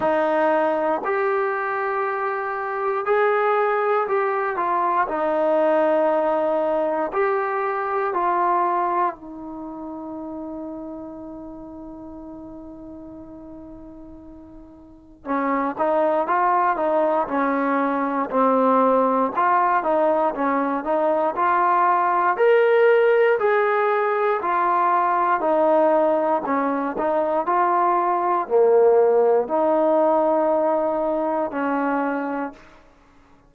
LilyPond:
\new Staff \with { instrumentName = "trombone" } { \time 4/4 \tempo 4 = 59 dis'4 g'2 gis'4 | g'8 f'8 dis'2 g'4 | f'4 dis'2.~ | dis'2. cis'8 dis'8 |
f'8 dis'8 cis'4 c'4 f'8 dis'8 | cis'8 dis'8 f'4 ais'4 gis'4 | f'4 dis'4 cis'8 dis'8 f'4 | ais4 dis'2 cis'4 | }